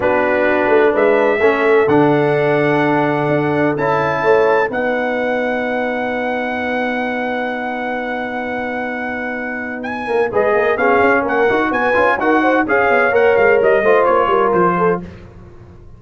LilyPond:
<<
  \new Staff \with { instrumentName = "trumpet" } { \time 4/4 \tempo 4 = 128 b'2 e''2 | fis''1 | a''2 fis''2~ | fis''1~ |
fis''1~ | fis''4 gis''4 dis''4 f''4 | fis''4 gis''4 fis''4 f''4 | fis''8 f''8 dis''4 cis''4 c''4 | }
  \new Staff \with { instrumentName = "horn" } { \time 4/4 fis'2 b'4 a'4~ | a'1~ | a'4 cis''4 b'2~ | b'1~ |
b'1~ | b'4. ais'8 b'8 ais'8 gis'4 | ais'4 b'4 ais'8 c''8 cis''4~ | cis''4. c''4 ais'4 a'8 | }
  \new Staff \with { instrumentName = "trombone" } { \time 4/4 d'2. cis'4 | d'1 | e'2 dis'2~ | dis'1~ |
dis'1~ | dis'2 gis'4 cis'4~ | cis'8 fis'4 f'8 fis'4 gis'4 | ais'4. f'2~ f'8 | }
  \new Staff \with { instrumentName = "tuba" } { \time 4/4 b4. a8 gis4 a4 | d2. d'4 | cis'4 a4 b2~ | b1~ |
b1~ | b4. ais8 gis8 ais8 b8 cis'8 | ais8 dis'8 b8 cis'8 dis'4 cis'8 b8 | ais8 gis8 g8 a8 ais8 g8 f4 | }
>>